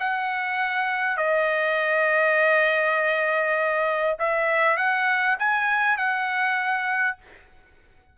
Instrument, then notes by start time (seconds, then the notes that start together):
trumpet
0.00 F#5
1.17 D#5
4.19 E5
4.77 F#5
5.39 G#5
5.98 F#5